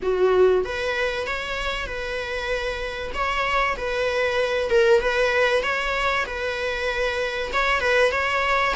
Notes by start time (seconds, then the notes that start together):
0.02 F#4
0.64 B4
1.27 C#5
1.86 B4
3.13 C#5
3.77 B4
4.70 A#4
5.00 B4
5.62 C#5
6.26 B4
7.52 C#5
7.80 B4
8.11 C#5